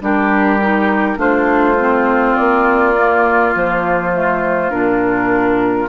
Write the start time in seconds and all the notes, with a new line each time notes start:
0.00 G3 D4 G4 A#4
0.61 D#4
1.16 A3 D4 F4 C5
1.77 C4
2.35 A#3 D5
2.96 A#3
3.55 F3 C5
4.13 A3
4.70 A#2 D4 A#4